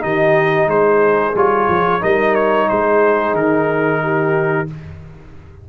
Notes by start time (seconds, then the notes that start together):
0.00 D#3 D#4 G4 D#5
0.67 G#3 G#4 C5
1.35 G3 F4 C#5
1.69 F3
2.01 G3 D#4 A#4 D#5
2.35 C#5
2.69 G#3 G#4 C5
3.34 D#3 A#4
4.02 G4